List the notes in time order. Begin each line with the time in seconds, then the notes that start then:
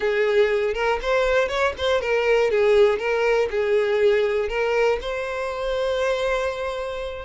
0.00 G#4
0.74 A#4
1.02 C5
1.48 C#5
1.77 C5
2.01 A#4
2.50 G#4
2.99 A#4
3.50 G#4
4.48 A#4
5.01 C5